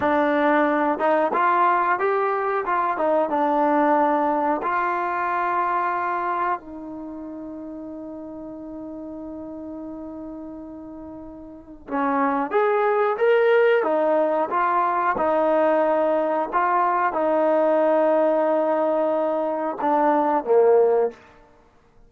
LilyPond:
\new Staff \with { instrumentName = "trombone" } { \time 4/4 \tempo 4 = 91 d'4. dis'8 f'4 g'4 | f'8 dis'8 d'2 f'4~ | f'2 dis'2~ | dis'1~ |
dis'2 cis'4 gis'4 | ais'4 dis'4 f'4 dis'4~ | dis'4 f'4 dis'2~ | dis'2 d'4 ais4 | }